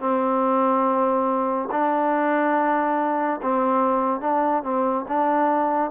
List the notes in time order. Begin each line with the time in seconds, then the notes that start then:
0.00 C4
1.72 D4
3.42 C4
4.21 D4
4.63 C4
5.08 D4